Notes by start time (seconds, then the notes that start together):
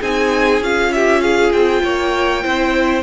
0.00 C4 D#4 G#4 G#5
0.61 C#4 F4 F5
0.92 G4 E5
1.21 G#4 F5
1.52 C4 G5
1.83 A#3 C#5
2.43 C4 E4 C5